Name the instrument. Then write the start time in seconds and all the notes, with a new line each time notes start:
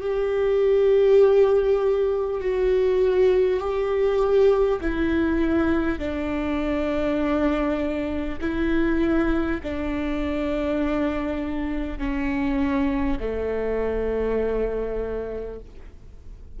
viola
0.00 G4
2.41 F#4
3.60 G4
4.81 E4
5.98 D4
8.40 E4
9.62 D4
11.98 C#4
13.19 A3